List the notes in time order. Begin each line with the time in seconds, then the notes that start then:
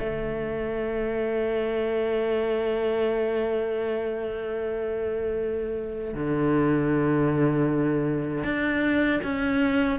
0.00 A3
6.15 D3
8.44 D4
9.24 C#4